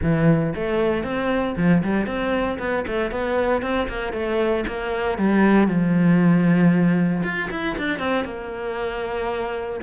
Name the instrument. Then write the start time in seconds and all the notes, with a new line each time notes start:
cello
0.02 E3
0.55 A3
1.03 C4
1.56 F3
1.83 G3
2.06 C4
2.58 B3
2.87 A3
3.11 B3
3.61 C4
3.88 A#3
4.12 A3
4.67 A#3
5.17 G3
5.67 F3
7.23 F4
7.50 E4
7.78 D4
7.98 C4
8.25 A#3